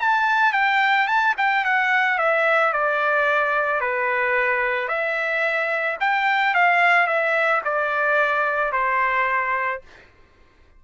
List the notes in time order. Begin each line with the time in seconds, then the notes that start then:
0.00 A5
0.53 G5
1.07 A5
1.37 G5
1.65 F#5
2.19 E5
2.73 D5
3.81 B4
4.88 E5
6.00 G5
6.55 F5
7.07 E5
7.65 D5
8.72 C5